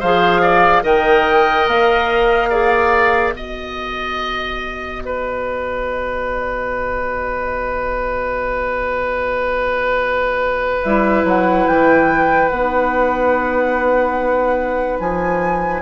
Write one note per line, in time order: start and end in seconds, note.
0.00 0.84 F3
0.00 0.83 G#4
0.00 0.42 C5
0.00 0.84 F5
0.42 0.84 D5
0.83 1.67 D#3
0.83 2.50 A#4
0.83 2.50 D#5
0.83 1.69 G5
1.68 3.34 A#3
1.68 3.34 F5
2.50 3.34 G#4
2.50 3.34 D5
3.34 10.84 B3
3.34 10.84 F#4
3.34 10.84 D#5
3.34 5.03 D#5
5.06 15.83 B4
10.84 11.24 G3
10.84 12.52 E4
10.84 11.26 E5
11.24 11.66 F#3
11.24 11.68 F#5
11.68 12.51 E3
11.68 12.49 G5
12.49 15.00 B3
12.49 15.83 D#4
12.49 14.99 F#5
15.00 15.83 F3
15.00 15.83 G#5